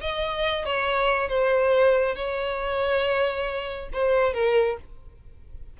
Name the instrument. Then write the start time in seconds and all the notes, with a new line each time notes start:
violin
0.00 D#5
0.65 C#5
1.28 C5
2.15 C#5
3.92 C5
4.33 A#4